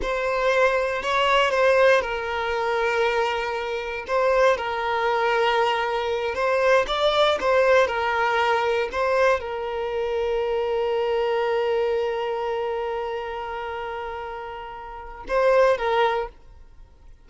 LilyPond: \new Staff \with { instrumentName = "violin" } { \time 4/4 \tempo 4 = 118 c''2 cis''4 c''4 | ais'1 | c''4 ais'2.~ | ais'8 c''4 d''4 c''4 ais'8~ |
ais'4. c''4 ais'4.~ | ais'1~ | ais'1~ | ais'2 c''4 ais'4 | }